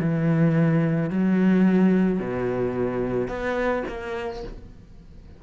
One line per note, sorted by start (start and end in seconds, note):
0.00 1.10 E3
1.10 2.19 F#3
2.19 3.28 B2
3.28 3.83 B3
3.88 4.43 A#3